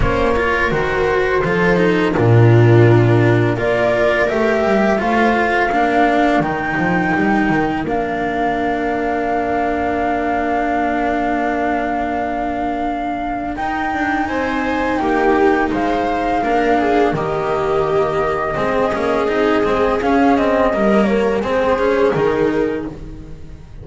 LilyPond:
<<
  \new Staff \with { instrumentName = "flute" } { \time 4/4 \tempo 4 = 84 cis''4 c''2 ais'4~ | ais'4 d''4 e''4 f''4~ | f''4 g''2 f''4~ | f''1~ |
f''2. g''4 | gis''4 g''4 f''2 | dis''1 | f''8 dis''4 cis''8 c''4 ais'4 | }
  \new Staff \with { instrumentName = "viola" } { \time 4/4 c''8 ais'4. a'4 f'4~ | f'4 ais'2 c''4 | ais'1~ | ais'1~ |
ais'1 | c''4 g'4 c''4 ais'8 gis'8 | g'2 gis'2~ | gis'4 ais'4 gis'2 | }
  \new Staff \with { instrumentName = "cello" } { \time 4/4 cis'8 f'8 fis'4 f'8 dis'8 d'4~ | d'4 f'4 g'4 f'4 | d'4 dis'2 d'4~ | d'1~ |
d'2. dis'4~ | dis'2. d'4 | ais2 c'8 cis'8 dis'8 c'8 | cis'8 c'8 ais4 c'8 cis'8 dis'4 | }
  \new Staff \with { instrumentName = "double bass" } { \time 4/4 ais4 dis4 f4 ais,4~ | ais,4 ais4 a8 g8 a4 | ais4 dis8 f8 g8 dis8 ais4~ | ais1~ |
ais2. dis'8 d'8 | c'4 ais4 gis4 ais4 | dis2 gis8 ais8 c'8 gis8 | cis'4 g4 gis4 dis4 | }
>>